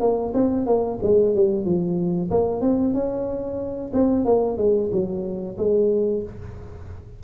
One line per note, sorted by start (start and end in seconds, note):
0.00 0.33 A#3
0.34 0.66 C4
0.66 0.99 A#3
1.03 1.35 G#3
1.35 1.65 G3
1.65 2.30 F3
2.31 2.61 A#3
2.61 2.93 C4
2.94 3.92 C#4
3.93 4.25 C4
4.25 4.57 A#3
4.57 4.90 G#3
4.92 5.57 F#3
5.58 6.23 G#3